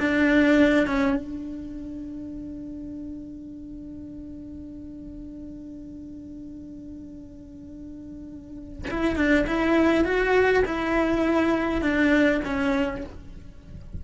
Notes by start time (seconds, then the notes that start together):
0.00 D4
0.87 C#4
1.16 D4
8.91 E4
9.16 D4
9.47 E4
10.05 F#4
10.66 E4
11.82 D4
12.45 C#4